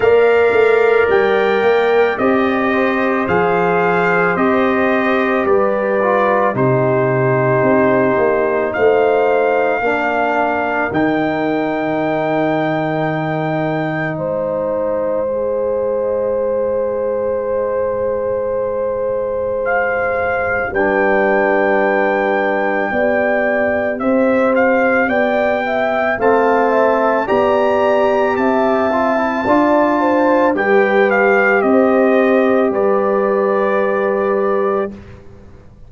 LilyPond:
<<
  \new Staff \with { instrumentName = "trumpet" } { \time 4/4 \tempo 4 = 55 f''4 g''4 dis''4 f''4 | dis''4 d''4 c''2 | f''2 g''2~ | g''4 dis''2.~ |
dis''2 f''4 g''4~ | g''2 e''8 f''8 g''4 | a''4 ais''4 a''2 | g''8 f''8 dis''4 d''2 | }
  \new Staff \with { instrumentName = "horn" } { \time 4/4 d''2~ d''8 c''4.~ | c''4 b'4 g'2 | c''4 ais'2.~ | ais'4 c''2.~ |
c''2. b'4~ | b'4 d''4 c''4 d''8 e''8 | f''8 e''8 d''4 e''4 d''8 c''8 | b'4 c''4 b'2 | }
  \new Staff \with { instrumentName = "trombone" } { \time 4/4 ais'2 g'4 gis'4 | g'4. f'8 dis'2~ | dis'4 d'4 dis'2~ | dis'2 gis'2~ |
gis'2. d'4~ | d'4 g'2. | c'4 g'4. f'16 e'16 f'4 | g'1 | }
  \new Staff \with { instrumentName = "tuba" } { \time 4/4 ais8 a8 g8 ais8 c'4 f4 | c'4 g4 c4 c'8 ais8 | a4 ais4 dis2~ | dis4 gis2.~ |
gis2. g4~ | g4 b4 c'4 b4 | a4 b4 c'4 d'4 | g4 c'4 g2 | }
>>